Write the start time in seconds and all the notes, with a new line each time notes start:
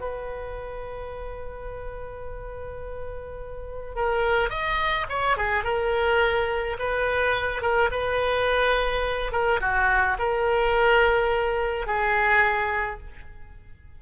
0.00 B4
3.95 A#4
4.49 D#5
5.09 C#5
5.36 G#4
5.63 A#4
6.78 B4
7.61 A#4
7.91 B4
9.31 A#4
9.60 F#4
10.18 A#4
11.86 G#4